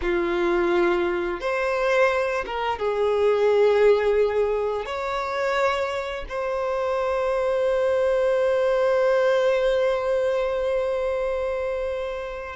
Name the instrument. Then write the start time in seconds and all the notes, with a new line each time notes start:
violin
0.01 F4
1.40 C5
2.46 A#4
2.78 G#4
4.85 C#5
6.29 C5